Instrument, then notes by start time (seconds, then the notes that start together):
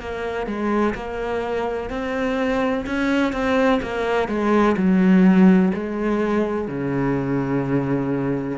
cello
0.00 A#3
0.47 G#3
0.95 A#3
1.90 C4
2.87 C#4
3.33 C4
3.83 A#3
4.29 G#3
4.77 F#3
5.74 G#3
6.68 C#3